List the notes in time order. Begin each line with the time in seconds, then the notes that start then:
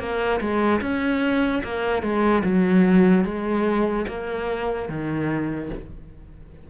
0.00 A#3
0.41 G#3
0.82 C#4
1.64 A#3
2.03 G#3
2.44 F#3
3.25 G#3
4.08 A#3
4.89 D#3